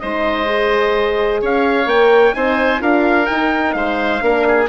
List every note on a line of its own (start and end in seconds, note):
0.00 1.43 G#3
0.00 0.46 D#4
0.00 1.42 C5
0.00 1.41 D#5
0.46 1.87 G#4
1.42 1.86 C#4
1.42 2.36 C#5
1.42 1.89 F5
1.86 2.33 A#3
1.86 2.34 A#4
1.86 2.35 G5
2.34 2.81 C4
2.34 2.79 D#4
2.34 2.82 C5
2.34 2.82 G#5
2.79 3.28 D4
2.79 3.26 F4
2.79 3.75 A#4
2.79 3.27 F5
3.27 4.21 D#4
3.27 3.75 D#4
3.27 3.73 G5
3.73 4.22 G#3
3.73 4.24 C5
3.73 4.67 F5
4.21 4.69 A#3
4.21 4.68 D4
4.21 4.47 A#4
4.48 4.70 G#4